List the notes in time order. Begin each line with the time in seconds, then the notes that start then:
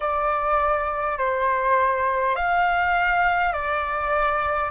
0.00 D5
1.18 C5
2.35 F5
3.52 D5